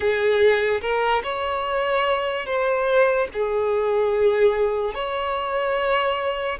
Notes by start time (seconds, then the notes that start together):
0.00 G#4
0.81 A#4
1.23 C#5
2.45 C5
3.33 G#4
4.94 C#5